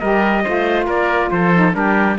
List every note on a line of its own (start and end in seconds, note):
0.00 0.46 G3
0.00 0.46 G4
0.00 0.43 A#4
0.00 0.87 D#5
0.44 0.87 A3
0.44 1.54 F4
0.44 0.86 C5
0.86 1.31 A#3
0.86 1.30 A#4
0.86 1.31 D5
1.31 1.75 F3
1.31 1.77 A4
1.31 1.75 C5
1.55 1.73 D#4
1.73 2.18 G3
1.73 2.17 D4
1.73 2.19 G4
1.73 2.19 A#4